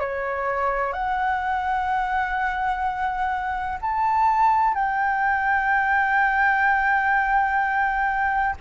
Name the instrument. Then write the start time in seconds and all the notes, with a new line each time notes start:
flute
0.00 C#5
0.93 F#5
3.81 A5
4.75 G5